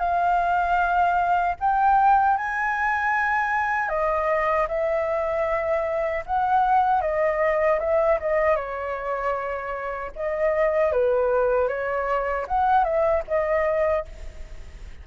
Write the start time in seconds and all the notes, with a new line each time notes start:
0.00 F5
1.60 G5
2.38 G#5
3.89 D#5
4.69 E5
6.27 F#5
7.02 D#5
7.80 E5
8.20 D#5
8.56 C#5
10.16 D#5
10.92 B4
11.69 C#5
12.48 F#5
12.84 E5
13.28 D#5